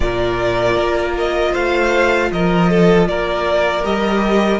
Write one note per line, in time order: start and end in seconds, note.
0.00 0.76 A#2
0.00 3.83 F4
0.00 1.52 A#4
0.00 1.14 D5
0.76 1.53 A#3
1.17 1.54 D#5
1.52 2.31 A3
1.52 2.29 C5
1.52 2.31 F5
2.31 3.08 F3
2.31 2.70 A#4
2.31 3.07 D#5
2.70 3.08 A4
3.07 3.84 A#3
3.07 4.59 A#4
3.07 3.84 D5
3.83 4.59 G3
3.83 4.59 G4
3.83 4.59 D#5